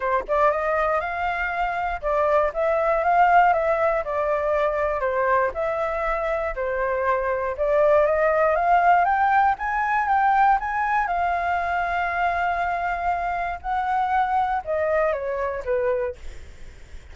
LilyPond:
\new Staff \with { instrumentName = "flute" } { \time 4/4 \tempo 4 = 119 c''8 d''8 dis''4 f''2 | d''4 e''4 f''4 e''4 | d''2 c''4 e''4~ | e''4 c''2 d''4 |
dis''4 f''4 g''4 gis''4 | g''4 gis''4 f''2~ | f''2. fis''4~ | fis''4 dis''4 cis''4 b'4 | }